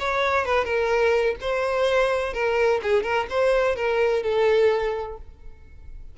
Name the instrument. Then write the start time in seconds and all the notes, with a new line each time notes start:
violin
0.00 C#5
0.46 B4
0.65 A#4
1.42 C5
2.34 A#4
2.83 G#4
3.03 A#4
3.30 C5
3.76 A#4
4.23 A4